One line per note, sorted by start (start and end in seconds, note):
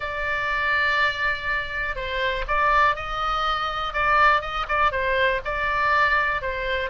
0.00 1.95 D5
1.95 2.44 C5
2.47 2.95 D5
2.95 3.93 D#5
3.93 4.41 D5
4.41 4.65 D#5
4.68 4.91 D5
4.91 5.41 C5
5.45 6.41 D5
6.41 6.90 C5